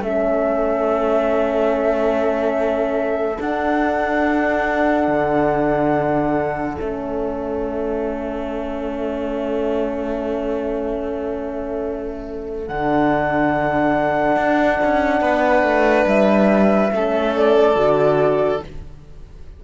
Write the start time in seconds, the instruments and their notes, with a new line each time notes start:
0.00 cello A3, horn C#4, violin A4, flute E5
3.38 horn D4, cello D4, flute F#5
5.08 cello D3
6.77 cello A3, horn C#4, flute E5
12.68 cello D3, horn D4, flute F#5
14.37 cello D4
14.84 cello C#4
15.21 cello B3, violin B4
15.63 cello A3
16.07 cello G3, flute E5
16.92 cello A3, horn C#4, violin A4
17.37 flute D5
17.76 cello D3, horn F#4